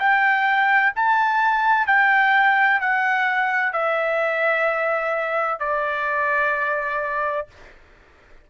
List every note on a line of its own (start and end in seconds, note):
0.00 0.94 G5
0.96 1.87 A5
1.87 2.81 G5
2.81 3.73 F#5
3.73 5.60 E5
5.60 7.47 D5